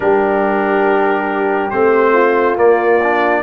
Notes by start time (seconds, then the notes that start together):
0.00 G3 D4 G4 A#4
1.70 A3 C4 C5
2.12 F4
2.56 A#3 D5
3.02 D4